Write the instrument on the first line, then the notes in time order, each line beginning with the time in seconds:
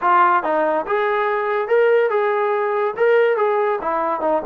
trombone
0.01 F4
0.43 D#4
0.86 G#4
1.68 A#4
2.10 G#4
2.96 A#4
3.36 G#4
3.81 E4
4.21 D#4